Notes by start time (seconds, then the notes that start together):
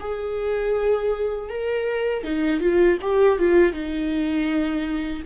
0.00 G#4
1.49 A#4
2.24 D#4
2.60 F4
3.01 G4
3.39 F4
3.73 D#4